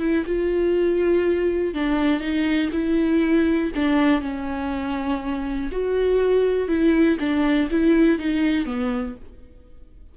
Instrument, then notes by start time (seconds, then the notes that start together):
viola
0.00 E4
0.26 F4
1.74 D4
2.21 D#4
2.73 E4
3.75 D4
4.21 C#4
5.72 F#4
6.68 E4
7.20 D4
7.71 E4
8.19 D#4
8.66 B3